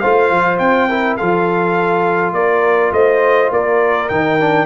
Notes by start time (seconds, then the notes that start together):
0.00 A3 F4 C5 F5
0.31 F3
0.59 C4 G5
0.89 E4 A#4
1.17 F3 F4 A4 F5
2.33 A#3 A#4 D5
2.92 A3 C5 D#5
3.52 A#3 A#4 D5
4.09 D#3 D#4 G5
4.41 D4